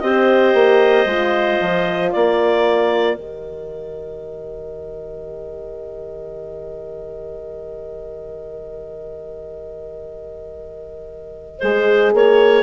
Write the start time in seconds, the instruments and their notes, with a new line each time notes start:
0.00 bassoon C4, horn G4, clarinet C5 D#5
0.54 bassoon A#3
1.06 bassoon G#3, horn F4
1.61 bassoon F3
2.12 bassoon A#3, clarinet A#4 D5
3.15 bassoon D#3, horn G4, clarinet D#5
11.59 bassoon G#3, horn G#4, clarinet C5
12.14 bassoon A#3, clarinet C#5